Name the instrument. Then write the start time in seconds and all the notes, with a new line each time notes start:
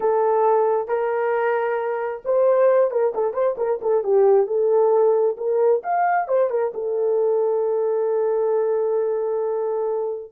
horn
0.00 A4
0.88 A#4
2.24 C5
2.90 A#4
3.14 A4
3.33 C5
3.57 A#4
3.81 A4
4.03 G4
4.47 A4
5.37 A#4
5.83 F5
6.27 C5
6.49 A#4
6.74 A4